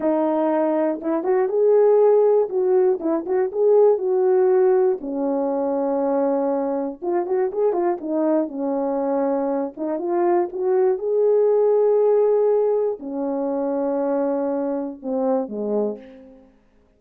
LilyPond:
\new Staff \with { instrumentName = "horn" } { \time 4/4 \tempo 4 = 120 dis'2 e'8 fis'8 gis'4~ | gis'4 fis'4 e'8 fis'8 gis'4 | fis'2 cis'2~ | cis'2 f'8 fis'8 gis'8 f'8 |
dis'4 cis'2~ cis'8 dis'8 | f'4 fis'4 gis'2~ | gis'2 cis'2~ | cis'2 c'4 gis4 | }